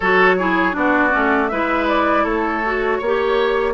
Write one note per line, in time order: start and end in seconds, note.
0.00 0.75 F#3
0.00 0.39 F#4
0.00 0.35 A4
0.00 0.75 C#5
0.38 0.72 E4
0.38 0.75 G#4
0.72 1.13 B3
0.72 1.10 D4
0.72 1.51 F#4
0.72 1.48 D5
1.10 1.51 A3
1.10 1.48 C#4
1.48 2.24 G#3
1.48 2.64 E4
1.48 2.23 B4
1.48 1.85 E5
1.88 2.25 D5
2.23 2.99 A3
2.23 2.98 A4
2.23 3.74 C#5
2.64 3.02 F#4
2.98 3.74 A#3
2.98 3.73 C#5
3.05 3.74 G4